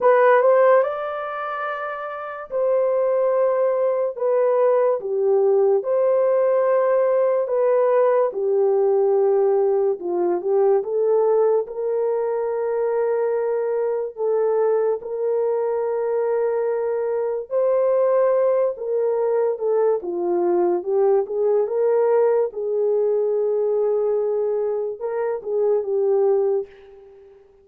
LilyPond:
\new Staff \with { instrumentName = "horn" } { \time 4/4 \tempo 4 = 72 b'8 c''8 d''2 c''4~ | c''4 b'4 g'4 c''4~ | c''4 b'4 g'2 | f'8 g'8 a'4 ais'2~ |
ais'4 a'4 ais'2~ | ais'4 c''4. ais'4 a'8 | f'4 g'8 gis'8 ais'4 gis'4~ | gis'2 ais'8 gis'8 g'4 | }